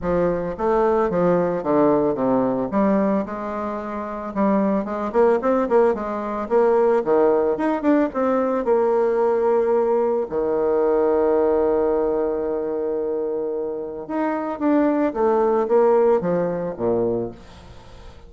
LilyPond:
\new Staff \with { instrumentName = "bassoon" } { \time 4/4 \tempo 4 = 111 f4 a4 f4 d4 | c4 g4 gis2 | g4 gis8 ais8 c'8 ais8 gis4 | ais4 dis4 dis'8 d'8 c'4 |
ais2. dis4~ | dis1~ | dis2 dis'4 d'4 | a4 ais4 f4 ais,4 | }